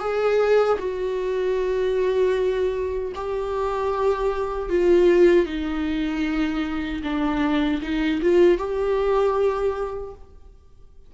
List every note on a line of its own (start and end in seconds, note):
0.00 0.78 G#4
0.79 3.13 F#4
3.15 4.70 G4
4.70 5.46 F4
5.46 7.02 D#4
7.03 7.81 D4
7.82 8.21 D#4
8.22 8.58 F4
8.58 10.14 G4